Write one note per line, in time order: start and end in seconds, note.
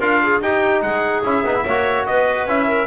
0.00 0.42 D4
0.00 0.42 F4
0.00 0.21 A#4
0.00 0.42 F5
0.23 0.43 G#4
0.42 0.82 D#4
0.42 1.24 D#4
0.42 0.84 G4
0.42 0.82 G5
0.82 1.23 G#3
0.82 1.66 G#4
0.82 1.23 F#5
1.24 1.44 C#4
1.24 1.45 E4
1.24 2.06 E5
1.44 1.65 B3
1.44 1.55 D#4
1.55 1.65 E4
1.66 2.08 A#3
1.66 2.49 F#4
1.66 2.07 C#5
2.06 2.46 B3
2.06 2.68 B4
2.06 2.47 D#5
2.46 2.87 C#4
2.46 2.87 E4
2.46 2.87 E5
2.68 2.87 A#4